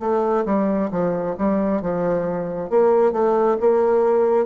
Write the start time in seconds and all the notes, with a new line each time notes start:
0.00 A3
0.46 G3
0.91 F3
1.38 G3
1.82 F3
2.70 A#3
3.13 A3
3.61 A#3